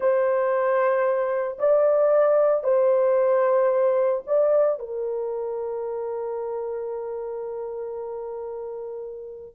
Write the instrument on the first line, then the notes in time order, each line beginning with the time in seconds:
horn
0.00 C5
1.59 D5
2.63 C5
4.26 D5
4.79 A#4